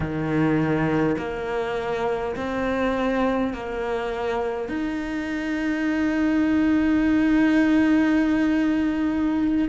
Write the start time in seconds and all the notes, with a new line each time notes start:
0.00 D#3
1.18 A#3
2.35 C4
3.53 A#3
4.68 D#4